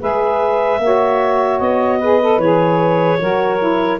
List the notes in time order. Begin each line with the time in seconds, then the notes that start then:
0.00 G#3 G#4 B4 E5
0.79 A#3 F#4 C#5
1.60 B3 D#5
1.99 G#4 B4
2.21 A4
2.38 E3 G#4 C#5
3.20 F#3 F#4 A#4
3.59 E4